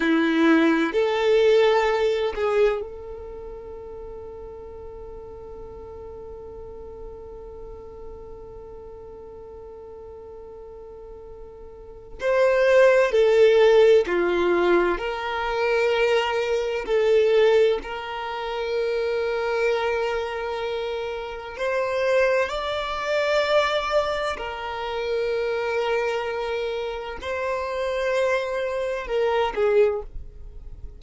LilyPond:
\new Staff \with { instrumentName = "violin" } { \time 4/4 \tempo 4 = 64 e'4 a'4. gis'8 a'4~ | a'1~ | a'1~ | a'4 c''4 a'4 f'4 |
ais'2 a'4 ais'4~ | ais'2. c''4 | d''2 ais'2~ | ais'4 c''2 ais'8 gis'8 | }